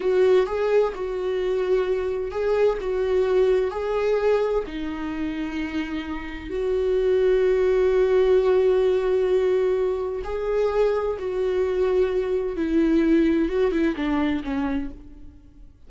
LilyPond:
\new Staff \with { instrumentName = "viola" } { \time 4/4 \tempo 4 = 129 fis'4 gis'4 fis'2~ | fis'4 gis'4 fis'2 | gis'2 dis'2~ | dis'2 fis'2~ |
fis'1~ | fis'2 gis'2 | fis'2. e'4~ | e'4 fis'8 e'8 d'4 cis'4 | }